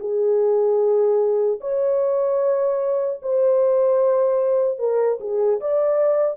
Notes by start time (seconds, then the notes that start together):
0.00 G#4
1.61 C#5
3.23 C5
4.79 A#4
5.20 G#4
5.61 D5